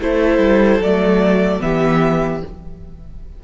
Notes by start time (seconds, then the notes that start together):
0.00 A3 E4 A4 C5
0.38 G3
0.79 F#3 A3 D5
1.60 E3 B3 G4 E5